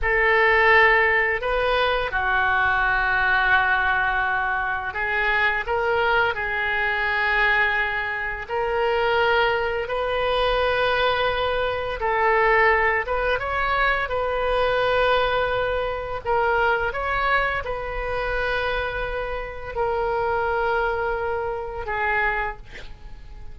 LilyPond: \new Staff \with { instrumentName = "oboe" } { \time 4/4 \tempo 4 = 85 a'2 b'4 fis'4~ | fis'2. gis'4 | ais'4 gis'2. | ais'2 b'2~ |
b'4 a'4. b'8 cis''4 | b'2. ais'4 | cis''4 b'2. | ais'2. gis'4 | }